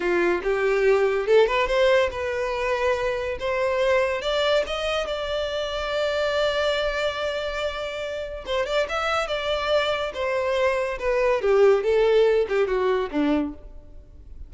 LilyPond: \new Staff \with { instrumentName = "violin" } { \time 4/4 \tempo 4 = 142 f'4 g'2 a'8 b'8 | c''4 b'2. | c''2 d''4 dis''4 | d''1~ |
d''1 | c''8 d''8 e''4 d''2 | c''2 b'4 g'4 | a'4. g'8 fis'4 d'4 | }